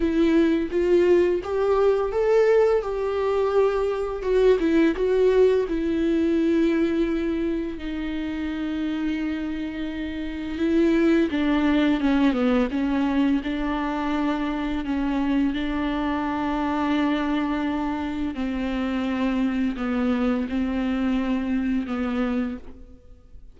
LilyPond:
\new Staff \with { instrumentName = "viola" } { \time 4/4 \tempo 4 = 85 e'4 f'4 g'4 a'4 | g'2 fis'8 e'8 fis'4 | e'2. dis'4~ | dis'2. e'4 |
d'4 cis'8 b8 cis'4 d'4~ | d'4 cis'4 d'2~ | d'2 c'2 | b4 c'2 b4 | }